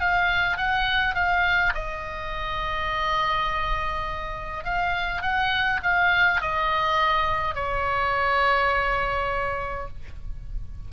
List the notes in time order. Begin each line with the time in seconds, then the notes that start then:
0.00 F5
0.57 F#5
1.15 F5
1.74 D#5
4.64 F5
5.22 F#5
5.83 F5
6.41 D#5
7.55 C#5